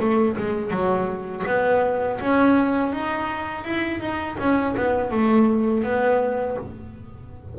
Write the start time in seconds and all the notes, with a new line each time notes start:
0.00 A3
0.37 G#3
0.71 F#3
1.46 B3
2.20 C#4
2.92 D#4
3.64 E4
4.00 D#4
4.38 C#4
4.76 B3
5.11 A3
5.83 B3